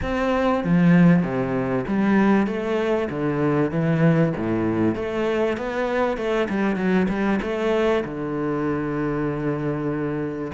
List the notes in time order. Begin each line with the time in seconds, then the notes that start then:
0.02 C4
0.64 F3
1.23 C3
1.87 G3
2.46 A3
3.09 D3
3.71 E3
4.36 A2
4.95 A3
5.57 B3
6.17 A3
6.49 G3
6.76 F#3
7.08 G3
7.42 A3
8.04 D3